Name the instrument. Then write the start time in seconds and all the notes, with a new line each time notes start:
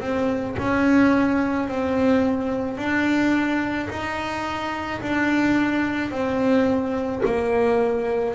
double bass
0.00 C4
0.58 C#4
1.68 C4
2.77 D4
3.89 D#4
5.01 D4
6.11 C4
7.25 A#3